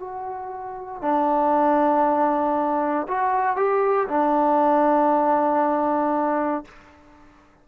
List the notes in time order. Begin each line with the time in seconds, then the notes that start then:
0.00 F#4
1.02 D4
3.08 F#4
3.57 G4
4.09 D4